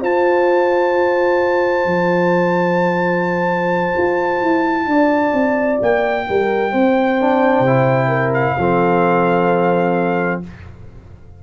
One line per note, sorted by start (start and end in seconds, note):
0.00 1.85 F4
0.00 7.18 F4
0.00 4.85 C5
0.00 5.80 A5
1.85 3.93 F3
3.97 4.41 F4
4.41 4.86 E4
4.86 5.32 D4
4.86 6.27 D5
5.33 5.79 C4
5.81 6.27 A#3
5.81 8.33 G5
6.28 6.73 G3
6.28 6.71 A#4
6.71 7.60 C4
6.71 8.08 C5
7.20 7.66 D4
7.60 8.52 C3
7.66 8.58 E4
8.08 8.54 A#4
8.33 10.41 F5
8.57 10.42 F3
8.57 10.43 C4
8.57 10.42 A4